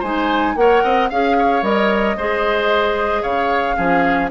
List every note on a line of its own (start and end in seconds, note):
0.00 0.56 G#3
0.00 0.57 D#4
0.00 0.54 C5
0.00 0.57 G#5
0.56 0.83 A#3
0.56 1.10 A#4
0.56 0.84 C#5
0.56 1.10 F#5
0.84 1.11 C4
0.84 1.10 D#5
1.10 1.63 C#4
1.10 1.63 G#4
1.10 1.37 F5
1.10 1.64 F5
1.39 2.18 C#5
1.63 2.16 G3
1.63 2.17 A#4
1.63 3.23 D#5
2.17 3.24 G#3
2.17 3.77 G#4
2.17 3.23 C5
3.23 3.78 C#3
3.23 3.76 C#5
3.23 4.30 F5
3.77 4.32 F3
3.77 4.30 C#4
3.77 4.31 G#4